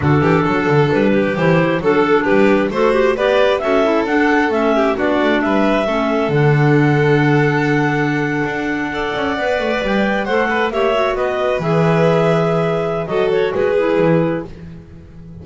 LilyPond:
<<
  \new Staff \with { instrumentName = "clarinet" } { \time 4/4 \tempo 4 = 133 a'2 b'4 c''4 | a'4 b'4 a'8 g'8 d''4 | e''4 fis''4 e''4 d''4 | e''2 fis''2~ |
fis''1~ | fis''4.~ fis''16 g''4 fis''4 e''16~ | e''8. dis''4 e''2~ e''16~ | e''4 dis''8 cis''8 b'2 | }
  \new Staff \with { instrumentName = "violin" } { \time 4/4 fis'8 g'8 a'4. g'4. | a'4 g'4 c''4 b'4 | a'2~ a'8 g'8 fis'4 | b'4 a'2.~ |
a'2.~ a'8. d''16~ | d''2~ d''8. c''8 b'8 cis''16~ | cis''8. b'2.~ b'16~ | b'4 a'4 gis'2 | }
  \new Staff \with { instrumentName = "clarinet" } { \time 4/4 d'2. e'4 | d'2 fis'4 g'4 | fis'8 e'8 d'4 cis'4 d'4~ | d'4 cis'4 d'2~ |
d'2.~ d'8. a'16~ | a'8. b'2 a'4 g'16~ | g'16 fis'4. gis'2~ gis'16~ | gis'4 fis'4. e'4. | }
  \new Staff \with { instrumentName = "double bass" } { \time 4/4 d8 e8 fis8 d8 g4 e4 | fis4 g4 a4 b4 | cis'4 d'4 a4 b8 a8 | g4 a4 d2~ |
d2~ d8. d'4~ d'16~ | d'16 cis'8 b8 a8 g4 a4 ais16~ | ais8. b4 e2~ e16~ | e4 fis4 gis4 e4 | }
>>